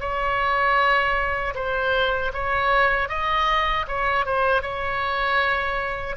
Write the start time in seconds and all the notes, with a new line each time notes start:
0.00 C#5
1.55 C5
2.33 C#5
3.09 D#5
3.87 C#5
4.26 C5
4.62 C#5